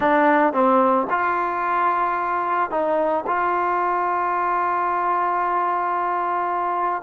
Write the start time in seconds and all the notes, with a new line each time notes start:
0.00 D4
0.53 C4
1.10 F4
2.70 D#4
3.27 F4